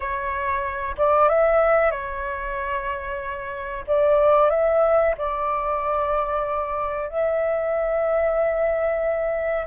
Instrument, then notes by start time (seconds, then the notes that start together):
flute
0.00 C#5
0.97 D5
1.28 E5
1.91 C#5
3.87 D5
4.50 E5
5.17 D5
7.09 E5